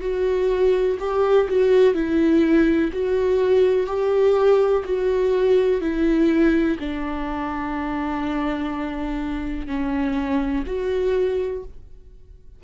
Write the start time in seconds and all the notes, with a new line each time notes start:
0.00 F#4
0.99 G4
1.48 F#4
1.94 E4
2.92 F#4
3.86 G4
4.84 F#4
5.81 E4
6.79 D4
9.66 C#4
10.66 F#4